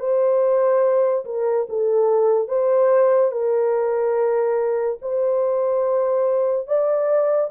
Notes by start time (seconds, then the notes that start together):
0.00 C5
1.26 A#4
1.70 A4
2.48 C5
3.32 A#4
5.02 C5
6.67 D5